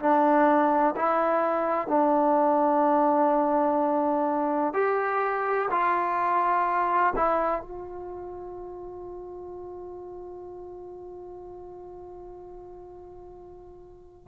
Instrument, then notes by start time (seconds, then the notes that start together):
trombone
0.00 D4
0.96 E4
1.88 D4
4.74 G4
5.71 F4
7.16 E4
7.62 F4